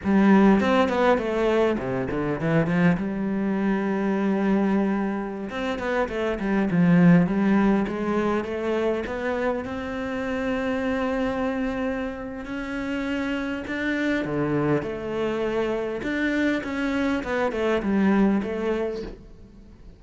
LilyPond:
\new Staff \with { instrumentName = "cello" } { \time 4/4 \tempo 4 = 101 g4 c'8 b8 a4 c8 d8 | e8 f8 g2.~ | g4~ g16 c'8 b8 a8 g8 f8.~ | f16 g4 gis4 a4 b8.~ |
b16 c'2.~ c'8.~ | c'4 cis'2 d'4 | d4 a2 d'4 | cis'4 b8 a8 g4 a4 | }